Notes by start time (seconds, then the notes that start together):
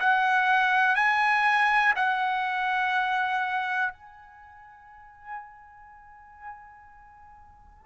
0.00 F#5
0.96 G#5
1.96 F#5
3.93 G#5